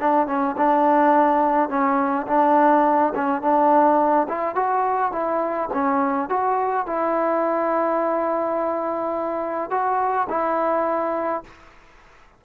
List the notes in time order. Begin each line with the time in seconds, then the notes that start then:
0.00 D4
0.27 C#4
0.57 D4
1.70 C#4
2.28 D4
3.15 C#4
3.42 D4
4.29 E4
4.55 F#4
5.12 E4
5.73 C#4
6.29 F#4
6.86 E4
9.71 F#4
10.30 E4